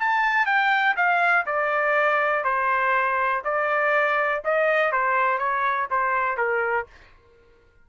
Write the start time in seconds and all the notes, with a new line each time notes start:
0.00 A5
0.46 G5
0.97 F5
1.46 D5
2.45 C5
3.44 D5
4.45 D#5
4.92 C5
5.39 C#5
5.91 C5
6.38 A#4